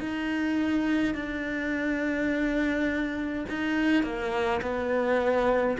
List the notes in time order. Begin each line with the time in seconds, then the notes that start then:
0.00 D#4
1.14 D4
3.49 D#4
4.03 A#3
4.62 B3